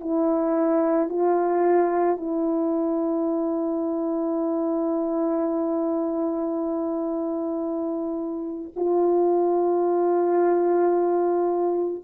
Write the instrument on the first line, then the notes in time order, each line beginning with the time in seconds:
horn
0.00 E4
1.09 F4
2.17 E4
8.76 F4